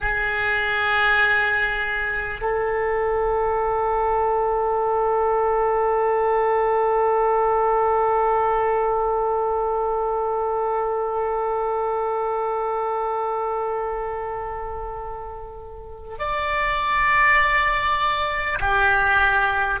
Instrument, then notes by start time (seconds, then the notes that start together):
oboe
0.01 G#4
2.41 A4
16.18 D5
18.60 G4